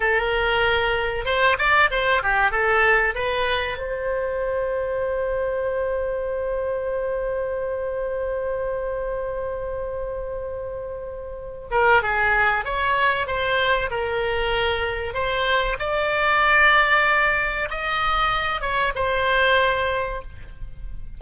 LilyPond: \new Staff \with { instrumentName = "oboe" } { \time 4/4 \tempo 4 = 95 ais'2 c''8 d''8 c''8 g'8 | a'4 b'4 c''2~ | c''1~ | c''1~ |
c''2~ c''8 ais'8 gis'4 | cis''4 c''4 ais'2 | c''4 d''2. | dis''4. cis''8 c''2 | }